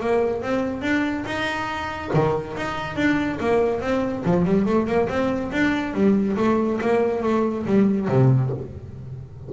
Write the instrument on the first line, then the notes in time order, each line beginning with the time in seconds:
double bass
0.00 A#3
0.42 C4
0.81 D4
1.25 D#4
2.14 D#3
2.57 D#4
2.96 D4
3.40 A#3
3.81 C4
4.25 F3
4.45 G3
4.66 A3
4.86 A#3
5.08 C4
5.52 D4
5.94 G3
6.37 A3
6.81 A#3
7.23 A3
7.66 G3
8.08 C3